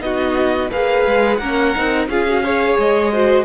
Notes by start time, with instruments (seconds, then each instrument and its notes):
0.00 cello B3, viola D#4, violin F#4 D#5
0.71 cello A#3, viola G#4, violin B4 F5
1.06 cello G#3
1.37 cello A#3, viola C#4, violin A#4 F#5
1.76 cello C4, viola D#4
2.08 cello C#4, viola F4, violin G#4 F5
2.29 viola F#4
2.44 viola G#4, violin C#5
2.79 cello G#3, violin D#5
3.12 viola F#4, violin C5